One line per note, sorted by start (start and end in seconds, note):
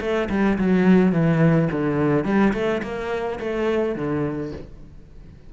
0.00 0.28 A3
0.29 0.57 G3
0.58 1.12 F#3
1.12 1.68 E3
1.71 2.24 D3
2.24 2.52 G3
2.53 2.81 A3
2.82 3.39 A#3
3.39 3.95 A3
3.95 4.52 D3